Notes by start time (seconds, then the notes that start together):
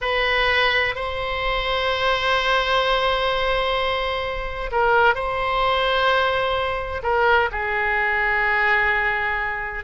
0.01 B4
0.95 C5
4.71 A#4
5.14 C5
7.02 A#4
7.51 G#4